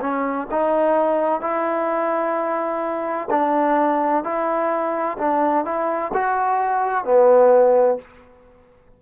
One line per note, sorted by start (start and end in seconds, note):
0.00 0.47 C#4
0.51 1.41 D#4
1.41 3.28 E4
3.30 4.24 D4
4.24 5.17 E4
5.18 5.65 D4
5.65 6.12 E4
6.13 7.04 F#4
7.04 7.98 B3